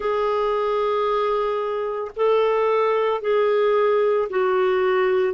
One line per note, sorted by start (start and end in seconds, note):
0.00 2.11 G#4
2.16 3.21 A4
3.21 4.28 G#4
4.29 5.33 F#4